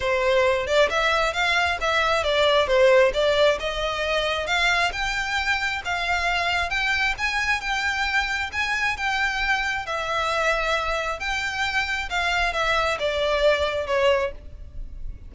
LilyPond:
\new Staff \with { instrumentName = "violin" } { \time 4/4 \tempo 4 = 134 c''4. d''8 e''4 f''4 | e''4 d''4 c''4 d''4 | dis''2 f''4 g''4~ | g''4 f''2 g''4 |
gis''4 g''2 gis''4 | g''2 e''2~ | e''4 g''2 f''4 | e''4 d''2 cis''4 | }